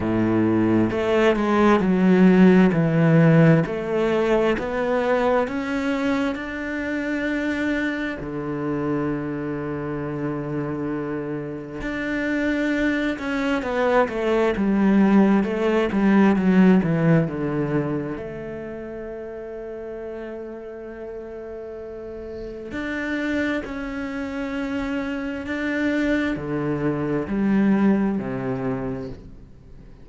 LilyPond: \new Staff \with { instrumentName = "cello" } { \time 4/4 \tempo 4 = 66 a,4 a8 gis8 fis4 e4 | a4 b4 cis'4 d'4~ | d'4 d2.~ | d4 d'4. cis'8 b8 a8 |
g4 a8 g8 fis8 e8 d4 | a1~ | a4 d'4 cis'2 | d'4 d4 g4 c4 | }